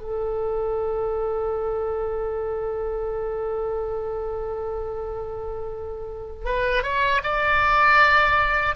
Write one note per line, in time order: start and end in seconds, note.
0.00 6.45 A4
6.45 6.83 B4
6.83 7.20 C#5
7.23 8.75 D5